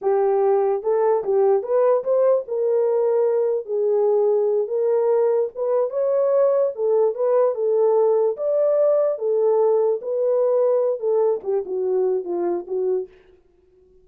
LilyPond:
\new Staff \with { instrumentName = "horn" } { \time 4/4 \tempo 4 = 147 g'2 a'4 g'4 | b'4 c''4 ais'2~ | ais'4 gis'2~ gis'8 ais'8~ | ais'4. b'4 cis''4.~ |
cis''8 a'4 b'4 a'4.~ | a'8 d''2 a'4.~ | a'8 b'2~ b'8 a'4 | g'8 fis'4. f'4 fis'4 | }